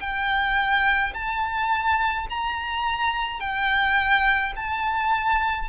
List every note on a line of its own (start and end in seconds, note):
0.00 1.13 G5
1.14 2.27 A5
2.30 3.40 A#5
3.40 4.53 G5
4.56 5.69 A5